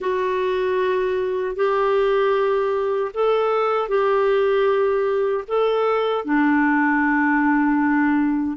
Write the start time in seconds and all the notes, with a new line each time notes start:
0.00 F#4
1.55 G4
3.13 A4
3.88 G4
5.47 A4
6.24 D4